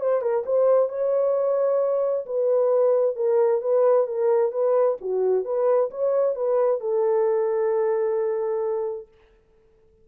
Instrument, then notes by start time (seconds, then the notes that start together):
horn
0.00 C5
0.21 A#4
0.46 C5
0.89 C#5
2.26 B4
3.16 A#4
3.61 B4
4.07 A#4
4.52 B4
5.01 F#4
5.44 B4
5.90 C#5
6.35 B4
6.80 A4